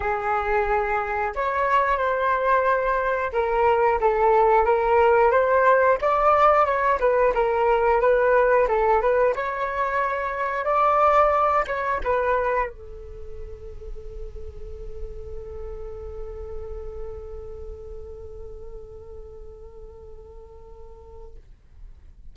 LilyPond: \new Staff \with { instrumentName = "flute" } { \time 4/4 \tempo 4 = 90 gis'2 cis''4 c''4~ | c''4 ais'4 a'4 ais'4 | c''4 d''4 cis''8 b'8 ais'4 | b'4 a'8 b'8 cis''2 |
d''4. cis''8 b'4 a'4~ | a'1~ | a'1~ | a'1 | }